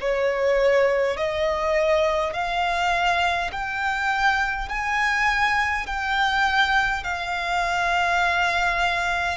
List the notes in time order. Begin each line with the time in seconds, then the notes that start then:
0.00 C#5
1.17 D#5
2.33 F5
3.51 G5
4.68 G#5
5.86 G5
7.03 F5